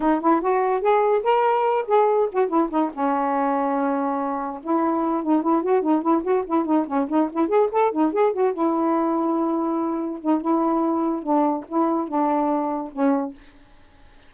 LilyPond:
\new Staff \with { instrumentName = "saxophone" } { \time 4/4 \tempo 4 = 144 dis'8 e'8 fis'4 gis'4 ais'4~ | ais'8 gis'4 fis'8 e'8 dis'8 cis'4~ | cis'2. e'4~ | e'8 dis'8 e'8 fis'8 dis'8 e'8 fis'8 e'8 |
dis'8 cis'8 dis'8 e'8 gis'8 a'8 dis'8 gis'8 | fis'8 e'2.~ e'8~ | e'8 dis'8 e'2 d'4 | e'4 d'2 cis'4 | }